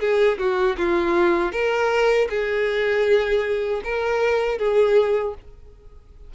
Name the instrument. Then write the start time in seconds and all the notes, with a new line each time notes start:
violin
0.00 G#4
0.39 F#4
0.78 F4
1.52 A#4
2.30 G#4
3.84 A#4
4.59 G#4